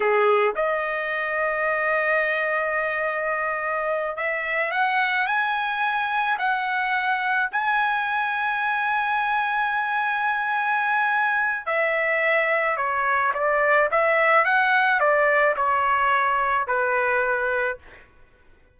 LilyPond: \new Staff \with { instrumentName = "trumpet" } { \time 4/4 \tempo 4 = 108 gis'4 dis''2.~ | dis''2.~ dis''8 e''8~ | e''8 fis''4 gis''2 fis''8~ | fis''4. gis''2~ gis''8~ |
gis''1~ | gis''4 e''2 cis''4 | d''4 e''4 fis''4 d''4 | cis''2 b'2 | }